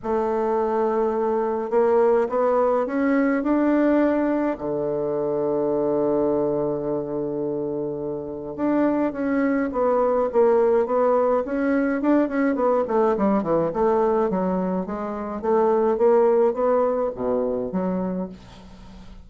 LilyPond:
\new Staff \with { instrumentName = "bassoon" } { \time 4/4 \tempo 4 = 105 a2. ais4 | b4 cis'4 d'2 | d1~ | d2. d'4 |
cis'4 b4 ais4 b4 | cis'4 d'8 cis'8 b8 a8 g8 e8 | a4 fis4 gis4 a4 | ais4 b4 b,4 fis4 | }